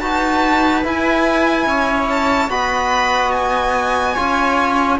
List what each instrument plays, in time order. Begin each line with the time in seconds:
0.00 cello D#4, trombone F#4, viola B4, violin A5
0.84 trombone E4, cello E4, violin G#5
1.66 cello C#4, viola C#5
2.10 violin A5
2.49 cello B3, trombone F#4, viola D#5, violin B5
3.32 violin G#5
4.14 cello C#4, trombone F4, viola C#5